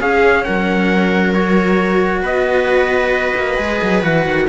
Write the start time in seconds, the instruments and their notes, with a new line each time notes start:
0.00 cello C#4, viola G#4, trumpet F5
0.44 cello F#3, viola A#4, trumpet F#5
1.34 cello F#4, trumpet C#5
2.22 cello B3, viola B4, trumpet D#5
3.36 cello A#3
3.58 cello G#3 G#4
3.83 cello F#3
4.02 cello E3 F#4, trumpet F#5
4.26 cello D#3